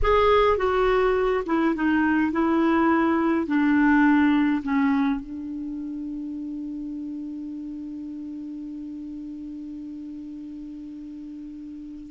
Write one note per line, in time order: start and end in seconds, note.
0.02 0.57 G#4
0.57 1.43 F#4
1.46 1.75 E4
1.75 2.32 D#4
2.32 3.46 E4
3.46 4.62 D4
4.63 5.20 C#4
5.20 12.10 D4